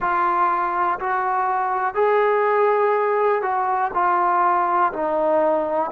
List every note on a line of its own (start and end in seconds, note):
0.00 0.99 F4
0.99 1.94 F#4
1.94 3.42 G#4
3.42 3.91 F#4
3.93 4.92 F4
4.92 5.91 D#4